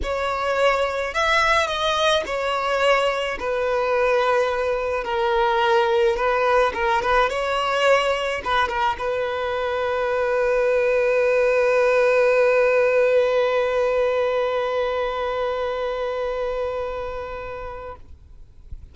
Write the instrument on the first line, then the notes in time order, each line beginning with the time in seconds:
violin
0.03 C#5
1.14 E5
1.67 D#5
2.26 C#5
3.39 B4
5.04 A#4
6.16 B4
6.74 A#4
7.01 B4
7.29 C#5
8.44 B4
8.68 A#4
8.98 B4